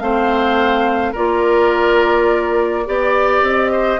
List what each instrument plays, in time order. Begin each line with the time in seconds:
0.00 bassoon A3, clarinet C4, oboe C5, flute F5
1.13 bassoon A#3, clarinet F4, oboe A#4, flute D5
2.86 bassoon B3, clarinet G4, oboe D5
3.42 bassoon C4, flute D#5
3.72 oboe C5